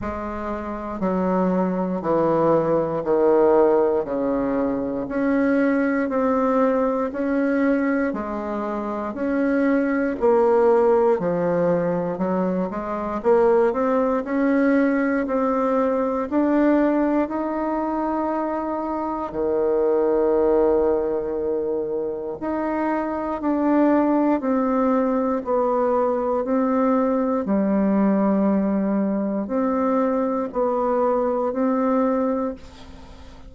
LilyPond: \new Staff \with { instrumentName = "bassoon" } { \time 4/4 \tempo 4 = 59 gis4 fis4 e4 dis4 | cis4 cis'4 c'4 cis'4 | gis4 cis'4 ais4 f4 | fis8 gis8 ais8 c'8 cis'4 c'4 |
d'4 dis'2 dis4~ | dis2 dis'4 d'4 | c'4 b4 c'4 g4~ | g4 c'4 b4 c'4 | }